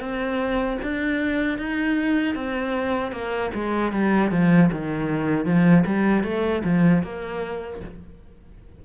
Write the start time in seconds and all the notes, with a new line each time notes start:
0.00 C4
0.83 D4
1.58 D#4
2.35 C4
3.12 A#3
3.54 G#3
3.92 G3
4.31 F3
4.72 D#3
5.45 F3
5.86 G3
6.24 A3
6.64 F3
7.03 A#3